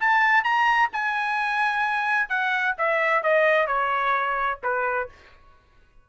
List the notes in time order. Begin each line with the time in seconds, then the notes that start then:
0.00 A5
0.44 A#5
0.93 G#5
2.29 F#5
2.78 E5
3.23 D#5
3.67 C#5
4.63 B4